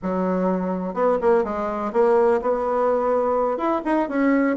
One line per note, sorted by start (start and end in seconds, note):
0.02 0.93 F#3
0.93 1.17 B3
1.21 1.44 A#3
1.44 1.92 G#3
1.92 2.40 A#3
2.41 3.57 B3
3.57 3.81 E4
3.84 4.08 D#4
4.08 4.56 C#4